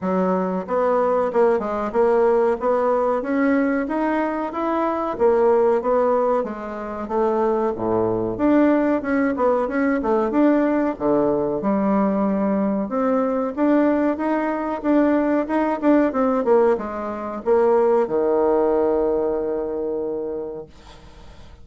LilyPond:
\new Staff \with { instrumentName = "bassoon" } { \time 4/4 \tempo 4 = 93 fis4 b4 ais8 gis8 ais4 | b4 cis'4 dis'4 e'4 | ais4 b4 gis4 a4 | a,4 d'4 cis'8 b8 cis'8 a8 |
d'4 d4 g2 | c'4 d'4 dis'4 d'4 | dis'8 d'8 c'8 ais8 gis4 ais4 | dis1 | }